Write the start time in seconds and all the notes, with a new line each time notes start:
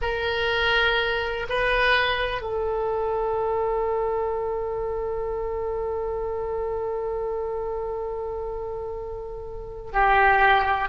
0.01 A#4
1.49 B4
2.41 A4
9.92 G4